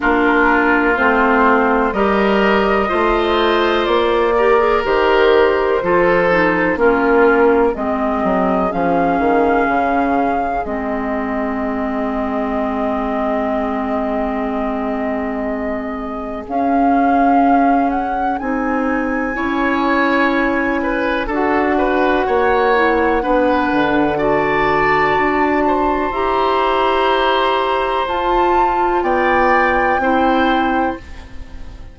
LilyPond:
<<
  \new Staff \with { instrumentName = "flute" } { \time 4/4 \tempo 4 = 62 ais'4 c''4 dis''2 | d''4 c''2 ais'4 | dis''4 f''2 dis''4~ | dis''1~ |
dis''4 f''4. fis''8 gis''4~ | gis''2 fis''2~ | fis''4 a''2 ais''4~ | ais''4 a''4 g''2 | }
  \new Staff \with { instrumentName = "oboe" } { \time 4/4 f'2 ais'4 c''4~ | c''8 ais'4. a'4 f'4 | gis'1~ | gis'1~ |
gis'1 | cis''4. b'8 a'8 b'8 cis''4 | b'4 d''4. c''4.~ | c''2 d''4 c''4 | }
  \new Staff \with { instrumentName = "clarinet" } { \time 4/4 d'4 c'4 g'4 f'4~ | f'8 g'16 gis'16 g'4 f'8 dis'8 cis'4 | c'4 cis'2 c'4~ | c'1~ |
c'4 cis'2 dis'4 | e'2 fis'4. e'8 | d'4 fis'2 g'4~ | g'4 f'2 e'4 | }
  \new Staff \with { instrumentName = "bassoon" } { \time 4/4 ais4 a4 g4 a4 | ais4 dis4 f4 ais4 | gis8 fis8 f8 dis8 cis4 gis4~ | gis1~ |
gis4 cis'2 c'4 | cis'2 d'4 ais4 | b8 d4. d'4 e'4~ | e'4 f'4 b4 c'4 | }
>>